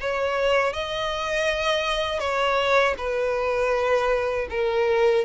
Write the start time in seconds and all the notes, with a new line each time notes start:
0.00 C#5
0.73 D#5
2.19 C#5
2.97 B4
4.50 A#4